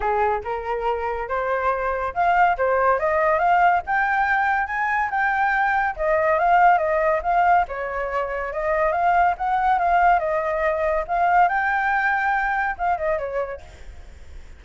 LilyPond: \new Staff \with { instrumentName = "flute" } { \time 4/4 \tempo 4 = 141 gis'4 ais'2 c''4~ | c''4 f''4 c''4 dis''4 | f''4 g''2 gis''4 | g''2 dis''4 f''4 |
dis''4 f''4 cis''2 | dis''4 f''4 fis''4 f''4 | dis''2 f''4 g''4~ | g''2 f''8 dis''8 cis''4 | }